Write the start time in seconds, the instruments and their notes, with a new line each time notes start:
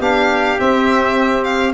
0.00 tuba B3, trombone D4, trumpet G4, violin F5
0.59 trombone C4, tuba C4, violin E5
1.44 violin F5